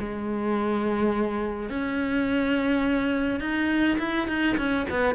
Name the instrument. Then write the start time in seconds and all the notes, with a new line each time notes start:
cello
0.00 G#3
1.70 C#4
3.41 D#4
3.99 E4
4.28 D#4
4.58 C#4
4.90 B3